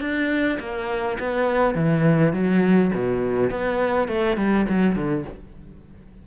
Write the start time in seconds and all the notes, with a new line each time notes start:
0.00 D4
0.60 A#3
1.19 B3
1.75 E3
2.33 F#3
2.94 B2
3.50 B3
4.08 A3
4.37 G3
4.69 F#3
4.95 D3